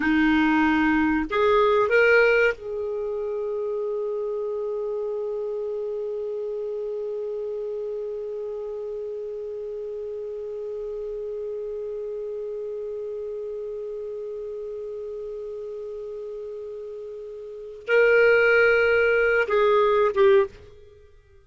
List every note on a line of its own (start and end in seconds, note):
0.00 1.25 D#4
1.30 1.89 G#4
1.89 2.53 A#4
2.54 17.85 G#4
17.87 19.47 A#4
19.48 20.12 G#4
20.14 20.46 G4